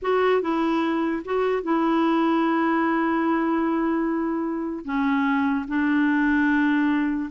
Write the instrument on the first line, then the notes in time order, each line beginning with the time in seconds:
clarinet
0.02 F#4
0.41 E4
1.25 F#4
1.63 E4
4.84 C#4
5.68 D4